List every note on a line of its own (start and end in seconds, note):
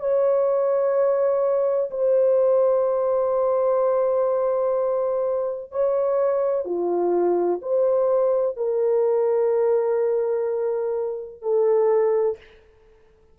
0.00 1.90 C#5
1.91 5.72 C5
5.72 6.65 C#5
6.65 7.61 F4
7.62 8.57 C5
8.57 11.42 A#4
11.42 12.37 A4